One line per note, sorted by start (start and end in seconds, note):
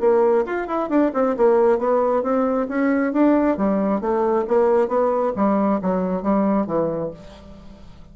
0.00 0.44 A#3
0.46 0.67 F4
0.67 0.89 E4
0.89 1.12 D4
1.14 1.36 C4
1.37 1.79 A#3
1.79 2.23 B3
2.23 2.67 C4
2.69 3.13 C#4
3.13 3.57 D4
3.57 4.01 G3
4.01 4.45 A3
4.48 4.88 A#3
4.88 5.33 B3
5.36 5.81 G3
5.82 6.22 F#3
6.22 6.66 G3
6.66 7.11 E3